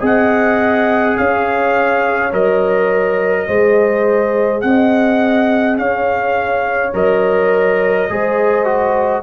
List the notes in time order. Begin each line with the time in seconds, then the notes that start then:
0.00 C4 G#4 D#5 F#5
1.17 C#4 C#5 F5
2.33 F#3 A#4 D#5
3.48 G#3 G#4 C5
4.62 C4 D#5 F#5
5.78 C#4 C#5 F5
6.94 F#3 A#4 D#5
8.10 G#3 G#4 C5
8.65 F#4